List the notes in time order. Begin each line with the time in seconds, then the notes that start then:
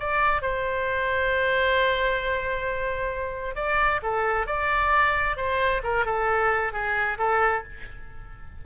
0.00 D5
0.42 C5
3.56 D5
4.03 A4
4.47 D5
5.37 C5
5.84 A#4
6.06 A4
6.73 G#4
7.19 A4